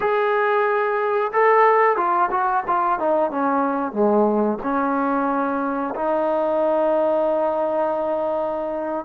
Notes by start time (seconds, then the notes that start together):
0.00 G#4
1.32 A4
1.96 F4
2.30 F#4
2.67 F4
2.99 D#4
3.31 C#4
3.92 G#3
4.62 C#4
5.95 D#4